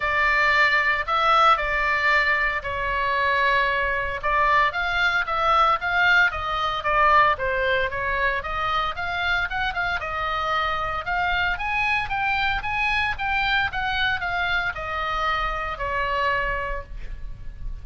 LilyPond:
\new Staff \with { instrumentName = "oboe" } { \time 4/4 \tempo 4 = 114 d''2 e''4 d''4~ | d''4 cis''2. | d''4 f''4 e''4 f''4 | dis''4 d''4 c''4 cis''4 |
dis''4 f''4 fis''8 f''8 dis''4~ | dis''4 f''4 gis''4 g''4 | gis''4 g''4 fis''4 f''4 | dis''2 cis''2 | }